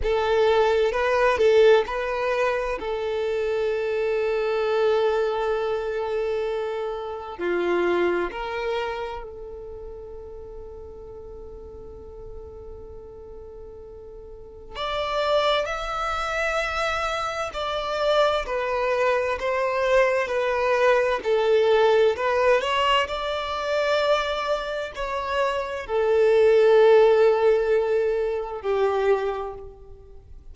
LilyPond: \new Staff \with { instrumentName = "violin" } { \time 4/4 \tempo 4 = 65 a'4 b'8 a'8 b'4 a'4~ | a'1 | f'4 ais'4 a'2~ | a'1 |
d''4 e''2 d''4 | b'4 c''4 b'4 a'4 | b'8 cis''8 d''2 cis''4 | a'2. g'4 | }